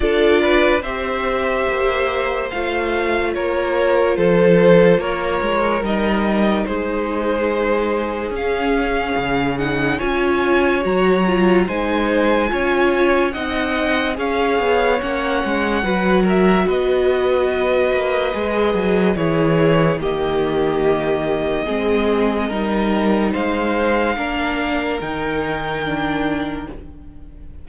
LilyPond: <<
  \new Staff \with { instrumentName = "violin" } { \time 4/4 \tempo 4 = 72 d''4 e''2 f''4 | cis''4 c''4 cis''4 dis''4 | c''2 f''4. fis''8 | gis''4 ais''4 gis''2 |
fis''4 f''4 fis''4. e''8 | dis''2. cis''4 | dis''1 | f''2 g''2 | }
  \new Staff \with { instrumentName = "violin" } { \time 4/4 a'8 b'8 c''2. | ais'4 a'4 ais'2 | gis'1 | cis''2 c''4 cis''4 |
dis''4 cis''2 b'8 ais'8 | b'2. gis'4 | g'2 gis'4 ais'4 | c''4 ais'2. | }
  \new Staff \with { instrumentName = "viola" } { \time 4/4 f'4 g'2 f'4~ | f'2. dis'4~ | dis'2 cis'4. dis'8 | f'4 fis'8 f'8 dis'4 f'4 |
dis'4 gis'4 cis'4 fis'4~ | fis'2 gis'4 e'4 | ais2 c'4 dis'4~ | dis'4 d'4 dis'4 d'4 | }
  \new Staff \with { instrumentName = "cello" } { \time 4/4 d'4 c'4 ais4 a4 | ais4 f4 ais8 gis8 g4 | gis2 cis'4 cis4 | cis'4 fis4 gis4 cis'4 |
c'4 cis'8 b8 ais8 gis8 fis4 | b4. ais8 gis8 fis8 e4 | dis2 gis4 g4 | gis4 ais4 dis2 | }
>>